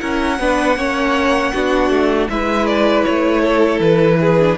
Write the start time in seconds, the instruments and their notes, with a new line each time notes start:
0.00 cello C#4, viola E4, violin A#4 F#5
0.39 cello B3, viola D4, violin B4
0.77 cello A#3, viola C#4, violin C#5
1.53 cello B3, viola D4, violin F#4
1.90 cello A3
2.30 cello G#3, viola E4, violin B4 E5
2.67 violin D5
3.05 cello A3, violin C#5
3.42 violin A4
3.80 cello E3, violin B4
4.21 violin G#4
4.40 viola D4